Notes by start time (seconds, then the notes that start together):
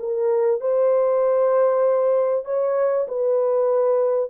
0.00 A#4
0.61 C5
2.45 C#5
3.08 B4